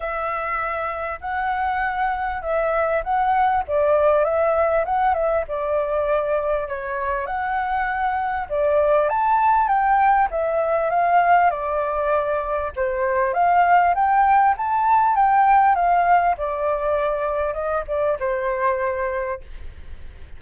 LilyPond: \new Staff \with { instrumentName = "flute" } { \time 4/4 \tempo 4 = 99 e''2 fis''2 | e''4 fis''4 d''4 e''4 | fis''8 e''8 d''2 cis''4 | fis''2 d''4 a''4 |
g''4 e''4 f''4 d''4~ | d''4 c''4 f''4 g''4 | a''4 g''4 f''4 d''4~ | d''4 dis''8 d''8 c''2 | }